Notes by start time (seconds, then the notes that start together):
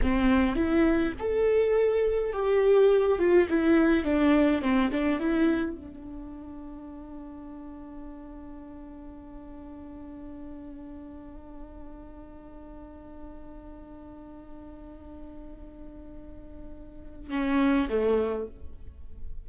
0.02 C4
0.55 E4
1.19 A4
2.33 G4
3.19 F4
3.49 E4
4.04 D4
4.62 C4
4.91 D4
5.19 E4
5.76 D4
17.30 C#4
17.89 A3